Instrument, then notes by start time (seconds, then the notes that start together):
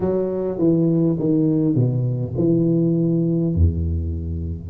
tuba
0.00 F#3
0.58 E3
1.19 D#3
1.75 B2
2.37 E3
3.55 E2